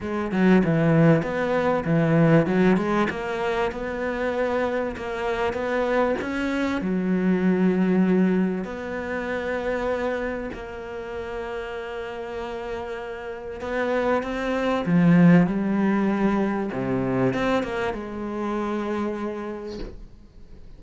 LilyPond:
\new Staff \with { instrumentName = "cello" } { \time 4/4 \tempo 4 = 97 gis8 fis8 e4 b4 e4 | fis8 gis8 ais4 b2 | ais4 b4 cis'4 fis4~ | fis2 b2~ |
b4 ais2.~ | ais2 b4 c'4 | f4 g2 c4 | c'8 ais8 gis2. | }